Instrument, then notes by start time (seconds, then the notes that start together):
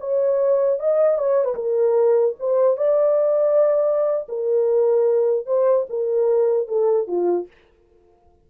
horn
0.00 C#5
0.80 D#5
1.19 C#5
1.45 B4
1.55 A#4
2.40 C5
2.78 D5
4.29 A#4
5.47 C5
5.90 A#4
6.68 A4
7.08 F4